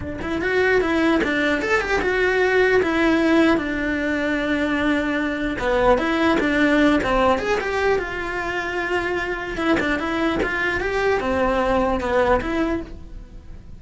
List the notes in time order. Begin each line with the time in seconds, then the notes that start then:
0.00 D4
0.21 E4
0.41 F#4
0.81 E4
1.23 D4
1.61 A4
1.81 G4
2.01 F#4
2.82 E4
3.57 D4
5.58 B3
5.97 E4
6.40 D4
7.03 C4
7.39 G#4
7.60 G4
7.98 F4
9.57 E4
9.79 D4
9.99 E4
10.42 F4
10.80 G4
11.20 C4
12.00 B3
12.41 E4